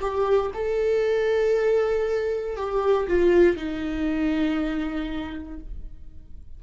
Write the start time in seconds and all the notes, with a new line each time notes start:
0.00 G4
0.54 A4
2.56 G4
3.07 F4
3.56 D#4